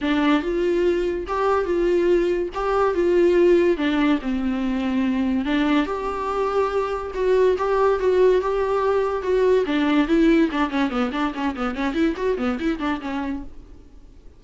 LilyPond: \new Staff \with { instrumentName = "viola" } { \time 4/4 \tempo 4 = 143 d'4 f'2 g'4 | f'2 g'4 f'4~ | f'4 d'4 c'2~ | c'4 d'4 g'2~ |
g'4 fis'4 g'4 fis'4 | g'2 fis'4 d'4 | e'4 d'8 cis'8 b8 d'8 cis'8 b8 | cis'8 e'8 fis'8 b8 e'8 d'8 cis'4 | }